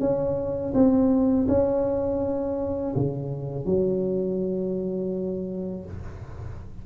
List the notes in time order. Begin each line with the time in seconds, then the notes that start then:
0.00 C#4
0.74 C4
1.48 C#4
2.95 C#3
3.65 F#3